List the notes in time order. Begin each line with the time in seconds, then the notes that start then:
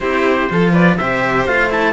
0.00 C4 E4 G4 C5
0.49 F3 F4 A4
0.72 B4 D5
0.97 C3 G4 C5 E5
1.46 A3 F4 F5
1.69 E4 A5